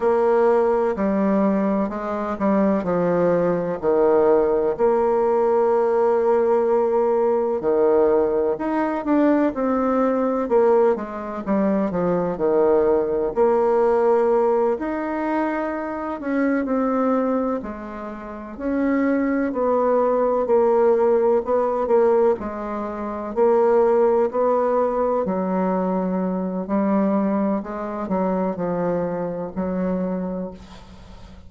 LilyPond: \new Staff \with { instrumentName = "bassoon" } { \time 4/4 \tempo 4 = 63 ais4 g4 gis8 g8 f4 | dis4 ais2. | dis4 dis'8 d'8 c'4 ais8 gis8 | g8 f8 dis4 ais4. dis'8~ |
dis'4 cis'8 c'4 gis4 cis'8~ | cis'8 b4 ais4 b8 ais8 gis8~ | gis8 ais4 b4 fis4. | g4 gis8 fis8 f4 fis4 | }